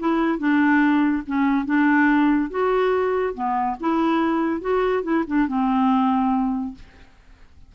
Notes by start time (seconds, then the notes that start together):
0.00 E4
0.39 D4
1.27 C#4
1.66 D4
2.50 F#4
3.35 B3
3.80 E4
4.61 F#4
5.04 E4
5.27 D4
5.48 C4